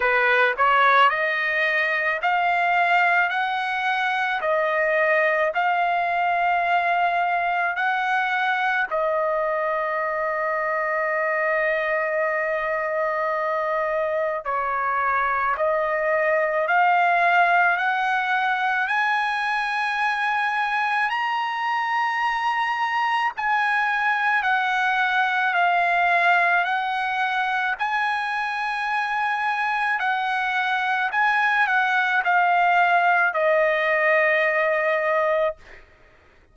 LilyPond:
\new Staff \with { instrumentName = "trumpet" } { \time 4/4 \tempo 4 = 54 b'8 cis''8 dis''4 f''4 fis''4 | dis''4 f''2 fis''4 | dis''1~ | dis''4 cis''4 dis''4 f''4 |
fis''4 gis''2 ais''4~ | ais''4 gis''4 fis''4 f''4 | fis''4 gis''2 fis''4 | gis''8 fis''8 f''4 dis''2 | }